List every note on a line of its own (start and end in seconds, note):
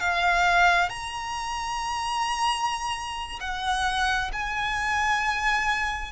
0.00 0.90 F5
0.90 3.40 A#5
3.40 4.31 F#5
4.33 6.12 G#5